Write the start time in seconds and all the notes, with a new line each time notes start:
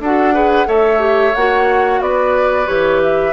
0.00 D4 F#4 A4 F#5
0.33 G#4 B4
0.65 A3 A4 C#5 E5
0.99 G4
1.35 A#3 F#4 F#5
2.01 B3 B4 D5
2.66 E3 G4 C#5
3.03 E5